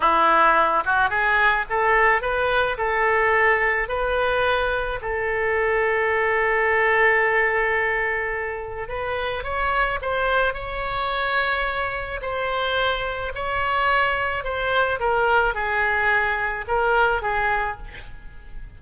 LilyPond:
\new Staff \with { instrumentName = "oboe" } { \time 4/4 \tempo 4 = 108 e'4. fis'8 gis'4 a'4 | b'4 a'2 b'4~ | b'4 a'2.~ | a'1 |
b'4 cis''4 c''4 cis''4~ | cis''2 c''2 | cis''2 c''4 ais'4 | gis'2 ais'4 gis'4 | }